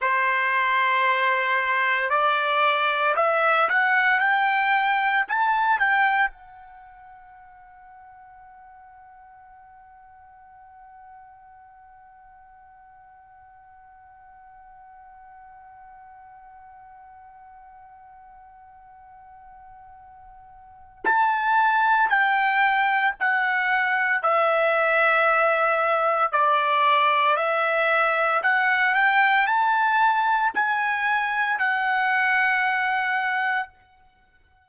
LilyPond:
\new Staff \with { instrumentName = "trumpet" } { \time 4/4 \tempo 4 = 57 c''2 d''4 e''8 fis''8 | g''4 a''8 g''8 fis''2~ | fis''1~ | fis''1~ |
fis''1 | a''4 g''4 fis''4 e''4~ | e''4 d''4 e''4 fis''8 g''8 | a''4 gis''4 fis''2 | }